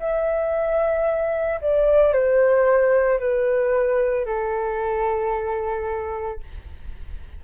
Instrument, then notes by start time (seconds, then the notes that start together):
flute
0.00 E5
1.61 D5
2.13 C5
3.19 B4
4.26 A4